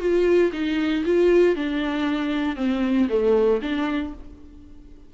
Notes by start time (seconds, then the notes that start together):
0.00 F4
0.53 D#4
1.06 F4
1.56 D4
2.57 C4
3.10 A3
3.62 D4